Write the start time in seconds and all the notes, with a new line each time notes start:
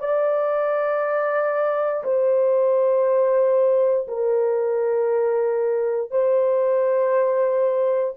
0.00 D5
2.04 C5
4.07 A#4
6.11 C5